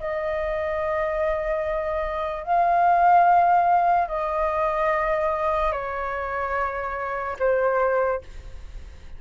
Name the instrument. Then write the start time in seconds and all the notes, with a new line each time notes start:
flute
0.00 D#5
2.44 F5
4.08 D#5
5.72 C#5
7.39 C5